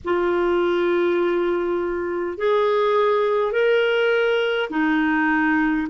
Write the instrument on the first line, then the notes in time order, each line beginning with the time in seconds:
clarinet
0.04 F4
2.37 G#4
3.51 A#4
4.70 D#4